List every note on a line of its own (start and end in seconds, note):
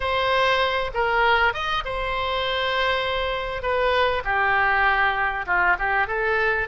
0.00 0.91 C5
0.94 1.53 A#4
1.53 1.83 D#5
1.84 3.62 C5
3.62 4.23 B4
4.24 5.45 G4
5.46 5.76 F4
5.78 6.07 G4
6.07 6.67 A4